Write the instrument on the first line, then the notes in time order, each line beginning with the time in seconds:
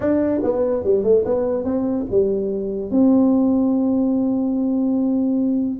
tuba
0.00 D4
0.43 B3
0.84 G3
1.03 A3
1.25 B3
1.64 C4
2.10 G3
2.90 C4